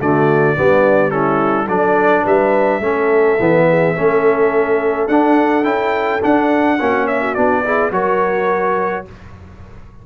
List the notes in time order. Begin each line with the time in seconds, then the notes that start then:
0.00 D3 A3 F#4 D5
0.57 G3 B3 D4
1.11 C#4 E4 A4
1.67 F#3 D4 A4 D5
2.23 G3 B4 E5
2.80 A3 C#4 A4
3.40 E3 B3
3.69 G#4
3.95 A3 C#4 A4
5.08 D4 F#5
5.64 C#4 E4 G5
6.22 D4 F#5
6.80 A#3 C#4 F#4
7.06 C#5 E5
7.21 F#4
7.34 B3 D4 D5
7.65 E4 G#4
7.91 F#3 F#4 A#4 C#5